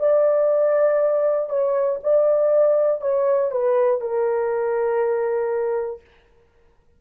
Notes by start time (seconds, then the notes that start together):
0.00 D5
1.50 C#5
2.04 D5
3.01 C#5
3.52 B4
4.01 A#4